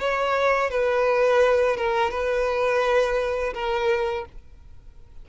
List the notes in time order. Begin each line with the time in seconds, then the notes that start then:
0.00 C#5
0.71 B4
1.77 A#4
2.11 B4
3.55 A#4